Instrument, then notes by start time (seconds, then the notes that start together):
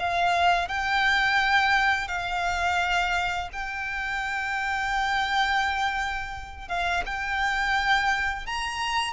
violin
0.00 F5
0.69 G5
2.08 F5
3.53 G5
6.68 F5
7.06 G5
8.46 A#5